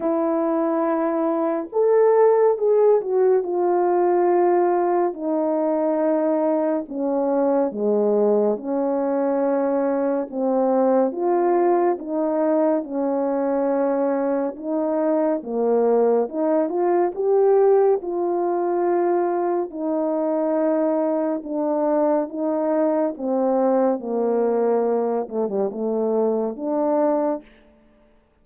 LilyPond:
\new Staff \with { instrumentName = "horn" } { \time 4/4 \tempo 4 = 70 e'2 a'4 gis'8 fis'8 | f'2 dis'2 | cis'4 gis4 cis'2 | c'4 f'4 dis'4 cis'4~ |
cis'4 dis'4 ais4 dis'8 f'8 | g'4 f'2 dis'4~ | dis'4 d'4 dis'4 c'4 | ais4. a16 g16 a4 d'4 | }